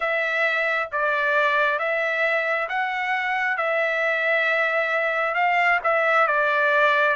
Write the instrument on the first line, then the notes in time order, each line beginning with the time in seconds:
trumpet
0.00 E5
0.92 D5
1.79 E5
2.69 F#5
3.57 E5
5.34 F5
5.83 E5
6.27 D5